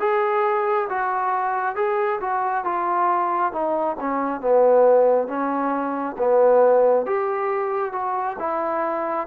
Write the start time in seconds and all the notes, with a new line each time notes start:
0.00 G#4
0.89 F#4
1.76 G#4
2.21 F#4
2.65 F4
3.53 D#4
4.00 C#4
4.41 B3
5.28 C#4
6.18 B3
7.06 G4
7.93 F#4
8.39 E4